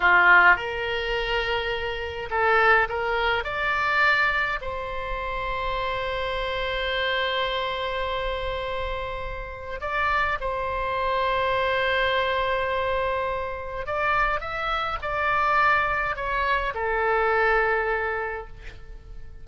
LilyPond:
\new Staff \with { instrumentName = "oboe" } { \time 4/4 \tempo 4 = 104 f'4 ais'2. | a'4 ais'4 d''2 | c''1~ | c''1~ |
c''4 d''4 c''2~ | c''1 | d''4 e''4 d''2 | cis''4 a'2. | }